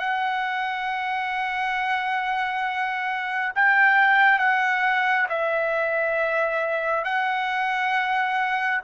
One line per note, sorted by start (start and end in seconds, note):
0.00 3.53 F#5
3.56 4.39 G5
4.39 5.27 F#5
5.29 7.05 E5
7.05 8.82 F#5